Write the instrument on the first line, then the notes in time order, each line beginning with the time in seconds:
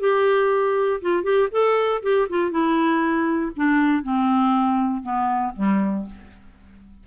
clarinet
0.00 G4
1.02 F4
1.24 G4
1.52 A4
2.03 G4
2.30 F4
2.51 E4
3.56 D4
4.03 C4
5.03 B3
5.56 G3